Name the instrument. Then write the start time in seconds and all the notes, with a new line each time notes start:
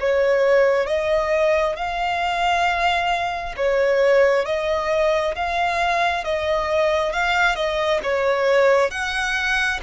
violin
0.00 C#5
0.86 D#5
1.76 F5
3.57 C#5
4.45 D#5
5.35 F5
6.24 D#5
7.12 F5
7.55 D#5
8.03 C#5
8.90 F#5